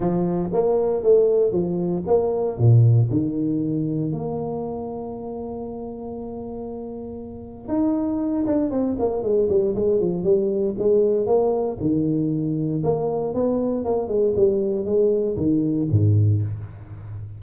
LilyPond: \new Staff \with { instrumentName = "tuba" } { \time 4/4 \tempo 4 = 117 f4 ais4 a4 f4 | ais4 ais,4 dis2 | ais1~ | ais2. dis'4~ |
dis'8 d'8 c'8 ais8 gis8 g8 gis8 f8 | g4 gis4 ais4 dis4~ | dis4 ais4 b4 ais8 gis8 | g4 gis4 dis4 gis,4 | }